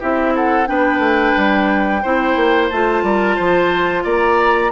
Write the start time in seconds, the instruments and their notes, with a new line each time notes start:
0.00 bassoon C4, clarinet E4, oboe G4, flute E5
0.35 oboe A4, flute F#5
0.67 bassoon B3, clarinet D4, oboe B4, flute G5
0.99 bassoon A3
1.37 bassoon G3
2.03 bassoon C4, clarinet E4, oboe C5
2.37 bassoon A#3
2.70 bassoon A3, clarinet F4, flute A5
3.03 bassoon G3, oboe A#4
3.36 bassoon F3, oboe C5
4.04 bassoon A#3, oboe D5, flute A#5